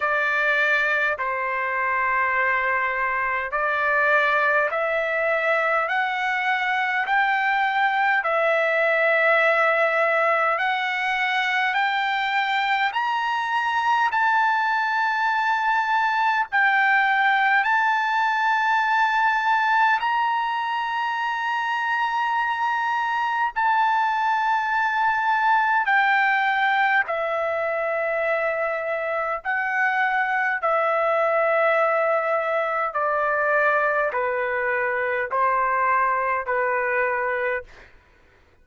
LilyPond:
\new Staff \with { instrumentName = "trumpet" } { \time 4/4 \tempo 4 = 51 d''4 c''2 d''4 | e''4 fis''4 g''4 e''4~ | e''4 fis''4 g''4 ais''4 | a''2 g''4 a''4~ |
a''4 ais''2. | a''2 g''4 e''4~ | e''4 fis''4 e''2 | d''4 b'4 c''4 b'4 | }